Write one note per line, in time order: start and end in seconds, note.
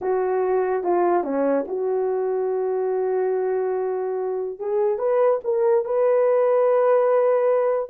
0.01 0.83 F#4
0.83 1.23 F4
1.23 1.65 C#4
1.67 4.59 F#4
4.59 4.98 G#4
4.98 5.40 B4
5.43 5.84 A#4
5.84 7.89 B4